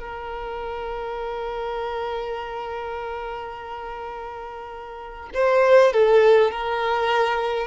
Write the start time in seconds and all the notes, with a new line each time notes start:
0.00 A#4
5.34 C5
5.93 A4
6.51 A#4